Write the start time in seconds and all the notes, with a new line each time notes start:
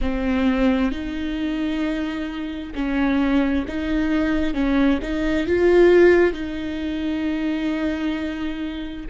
0.01 C4
0.91 D#4
2.74 C#4
3.67 D#4
4.53 C#4
5.02 D#4
5.46 F4
6.33 D#4